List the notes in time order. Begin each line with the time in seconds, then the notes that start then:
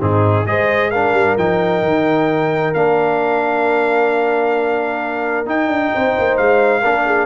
0.00 G#2 C4 D#4 G#4
0.46 G#3 G#4 C5 D#5
0.90 D4 A#4 F5
1.13 G3
1.37 F3 D#4 G5
1.83 D#3
2.74 A#3 D4 F5
5.46 D#4 G5
5.67 D4
5.95 C4 C5
6.19 A#3
6.37 G#3 F5
6.81 A#3 D4 A#4
7.06 G#4